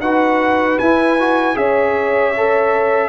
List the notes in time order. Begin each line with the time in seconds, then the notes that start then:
0.00 D#4 F#4 B4 F#5
0.79 E4 G#5
1.20 F#4
1.55 C#4 G#4 C#5 E5
2.37 A4